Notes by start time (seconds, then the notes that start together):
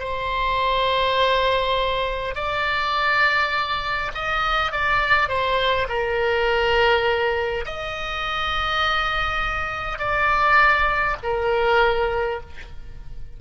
0.00 C5
2.35 D5
4.15 D#5
4.72 D5
5.29 C5
5.89 A#4
7.66 D#5
9.99 D5
11.23 A#4